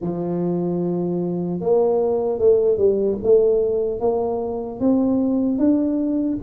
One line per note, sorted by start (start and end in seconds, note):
0.01 1.60 F3
1.60 2.38 A#3
2.38 2.77 A3
2.77 3.17 G3
3.23 4.00 A3
4.00 4.80 A#3
4.80 5.58 C4
5.58 6.38 D4